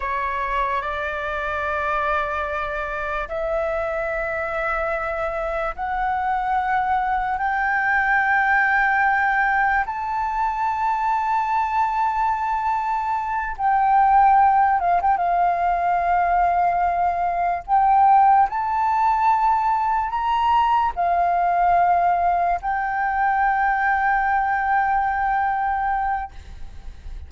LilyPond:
\new Staff \with { instrumentName = "flute" } { \time 4/4 \tempo 4 = 73 cis''4 d''2. | e''2. fis''4~ | fis''4 g''2. | a''1~ |
a''8 g''4. f''16 g''16 f''4.~ | f''4. g''4 a''4.~ | a''8 ais''4 f''2 g''8~ | g''1 | }